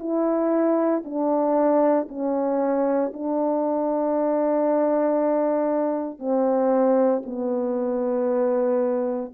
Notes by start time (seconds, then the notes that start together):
0.00 E4
1.05 D4
2.09 C#4
3.14 D4
6.19 C4
7.26 B3